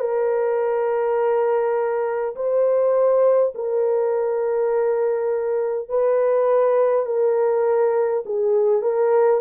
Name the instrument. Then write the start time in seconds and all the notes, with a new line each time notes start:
horn
0.00 A#4
2.36 C5
3.55 A#4
5.89 B4
7.06 A#4
8.26 G#4
8.82 A#4